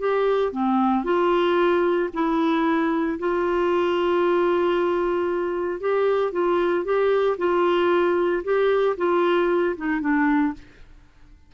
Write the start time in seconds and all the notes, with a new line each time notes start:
0.00 G4
0.53 C4
1.05 F4
2.14 E4
3.20 F4
5.81 G4
6.33 F4
6.85 G4
7.38 F4
8.44 G4
8.97 F4
9.77 D#4
10.01 D4